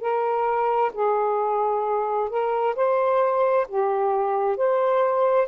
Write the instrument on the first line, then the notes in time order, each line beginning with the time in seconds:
saxophone
0.00 A#4
0.93 G#4
2.29 A#4
2.75 C5
3.68 G4
4.57 C5